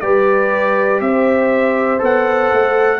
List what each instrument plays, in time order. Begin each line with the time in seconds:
0.00 tuba G3, trombone G4, horn B4, trumpet D5
1.00 tuba C4, horn C5, trumpet E5
1.98 tuba B3, trombone A4, trumpet F#5
2.52 tuba A3